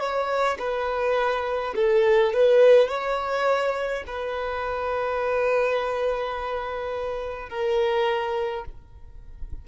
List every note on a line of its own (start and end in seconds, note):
0.00 0.58 C#5
0.59 1.75 B4
1.76 2.33 A4
2.33 2.89 B4
2.89 4.04 C#5
4.07 7.49 B4
7.49 8.65 A#4